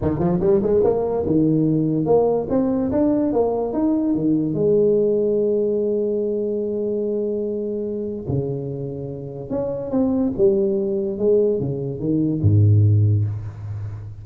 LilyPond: \new Staff \with { instrumentName = "tuba" } { \time 4/4 \tempo 4 = 145 dis8 f8 g8 gis8 ais4 dis4~ | dis4 ais4 c'4 d'4 | ais4 dis'4 dis4 gis4~ | gis1~ |
gis1 | cis2. cis'4 | c'4 g2 gis4 | cis4 dis4 gis,2 | }